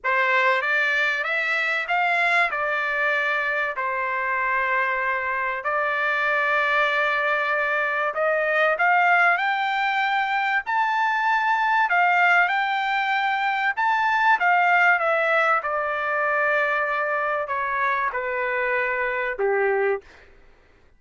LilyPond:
\new Staff \with { instrumentName = "trumpet" } { \time 4/4 \tempo 4 = 96 c''4 d''4 e''4 f''4 | d''2 c''2~ | c''4 d''2.~ | d''4 dis''4 f''4 g''4~ |
g''4 a''2 f''4 | g''2 a''4 f''4 | e''4 d''2. | cis''4 b'2 g'4 | }